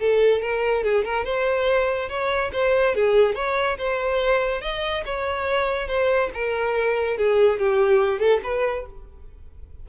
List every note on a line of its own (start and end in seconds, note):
0.00 0.42 A4
0.42 0.84 A#4
0.84 1.05 G#4
1.05 1.25 A#4
1.25 2.09 C5
2.09 2.51 C#5
2.53 2.95 C5
2.95 3.35 G#4
3.35 3.78 C#5
3.78 4.62 C5
4.62 5.04 D#5
5.06 5.88 C#5
5.88 6.30 C5
6.34 7.18 A#4
7.18 7.60 G#4
7.60 8.20 G4
8.20 8.41 A4
8.44 8.86 B4